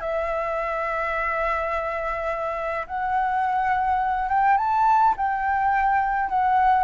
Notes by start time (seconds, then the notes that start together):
0.00 E5
2.86 F#5
4.28 G5
4.57 A5
5.17 G5
6.29 F#5